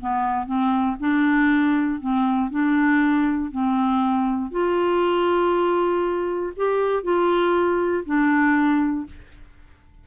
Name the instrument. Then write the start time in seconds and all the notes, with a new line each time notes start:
clarinet
0.00 B3
0.46 C4
0.99 D4
2.00 C4
2.50 D4
3.51 C4
4.51 F4
6.56 G4
7.03 F4
8.05 D4